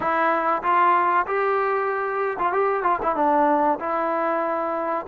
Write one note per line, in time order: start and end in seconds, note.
0.00 0.62 E4
0.62 1.25 F4
1.27 2.37 G4
2.39 2.52 F4
2.52 2.83 G4
2.83 2.99 F4
3.02 3.16 E4
3.16 3.79 D4
3.79 5.06 E4